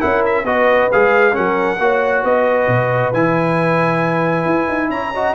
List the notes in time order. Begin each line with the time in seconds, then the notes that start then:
0.00 C#4 E4 A#4 F#5
0.26 E5
0.44 B3 F#4 B4 D#5
0.92 G#3 G#4 F5
1.33 F#3 C#4 A#4 F#5
1.79 A#3 F#4 C#5
2.24 B3 B4 D#5
2.67 B2
3.13 E3 E4 G#5
4.45 E4
4.69 D#4
4.90 C#4 C#5 A#5
5.14 F#4 D#5